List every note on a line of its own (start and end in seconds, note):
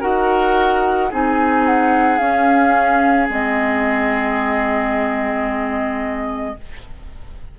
0.00 1.12 D#4
0.00 1.09 F#4
0.00 1.09 A#4
0.00 1.11 F#5
1.09 2.19 C4
1.09 2.19 D#4
1.09 6.55 G#4
1.09 1.66 G#5
1.66 2.18 F#5
2.18 3.28 C#4
2.18 3.27 F5
3.28 6.56 G#3
3.28 6.55 C4
3.28 6.58 D#5